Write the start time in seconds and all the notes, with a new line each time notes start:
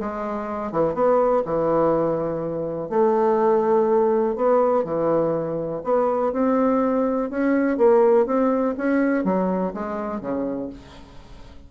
0.00 G#3
0.72 E3
0.95 B3
1.45 E3
2.90 A3
4.36 B3
4.84 E3
5.84 B3
6.33 C4
7.31 C#4
7.78 A#3
8.27 C4
8.78 C#4
9.25 F#3
9.74 G#3
10.21 C#3